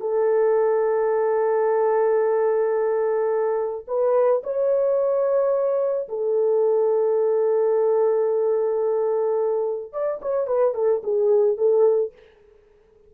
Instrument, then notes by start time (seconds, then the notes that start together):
horn
0.00 A4
3.87 B4
4.43 C#5
6.08 A4
9.92 D5
10.21 C#5
10.46 B4
10.74 A4
11.03 G#4
11.57 A4